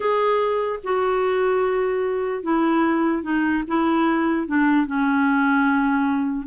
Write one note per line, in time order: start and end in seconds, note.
0.00 0.79 G#4
0.83 2.43 F#4
2.43 3.22 E4
3.22 3.63 D#4
3.67 4.47 E4
4.47 4.86 D4
4.86 6.47 C#4